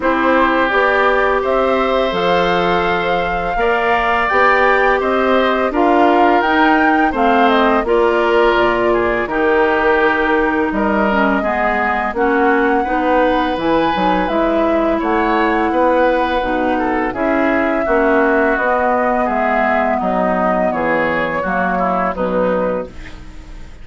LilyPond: <<
  \new Staff \with { instrumentName = "flute" } { \time 4/4 \tempo 4 = 84 c''4 d''4 e''4 f''4~ | f''2 g''4 dis''4 | f''4 g''4 f''8 dis''8 d''4~ | d''4 ais'2 dis''4~ |
dis''4 fis''2 gis''4 | e''4 fis''2. | e''2 dis''4 e''4 | dis''4 cis''2 b'4 | }
  \new Staff \with { instrumentName = "oboe" } { \time 4/4 g'2 c''2~ | c''4 d''2 c''4 | ais'2 c''4 ais'4~ | ais'8 gis'8 g'2 ais'4 |
gis'4 fis'4 b'2~ | b'4 cis''4 b'4. a'8 | gis'4 fis'2 gis'4 | dis'4 gis'4 fis'8 e'8 dis'4 | }
  \new Staff \with { instrumentName = "clarinet" } { \time 4/4 e'4 g'2 a'4~ | a'4 ais'4 g'2 | f'4 dis'4 c'4 f'4~ | f'4 dis'2~ dis'8 cis'8 |
b4 cis'4 dis'4 e'8 dis'8 | e'2. dis'4 | e'4 cis'4 b2~ | b2 ais4 fis4 | }
  \new Staff \with { instrumentName = "bassoon" } { \time 4/4 c'4 b4 c'4 f4~ | f4 ais4 b4 c'4 | d'4 dis'4 a4 ais4 | ais,4 dis2 g4 |
gis4 ais4 b4 e8 fis8 | gis4 a4 b4 b,4 | cis'4 ais4 b4 gis4 | fis4 e4 fis4 b,4 | }
>>